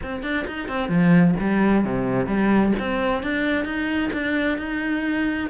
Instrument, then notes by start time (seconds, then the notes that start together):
cello
0.02 C4
0.22 D4
0.47 D#4
0.68 C4
0.88 F3
1.40 G3
1.84 C3
2.26 G3
2.79 C4
3.22 D4
3.64 D#4
4.12 D4
4.58 D#4